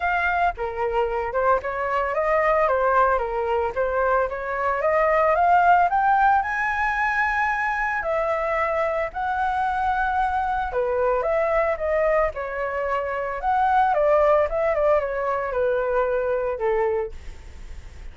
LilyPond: \new Staff \with { instrumentName = "flute" } { \time 4/4 \tempo 4 = 112 f''4 ais'4. c''8 cis''4 | dis''4 c''4 ais'4 c''4 | cis''4 dis''4 f''4 g''4 | gis''2. e''4~ |
e''4 fis''2. | b'4 e''4 dis''4 cis''4~ | cis''4 fis''4 d''4 e''8 d''8 | cis''4 b'2 a'4 | }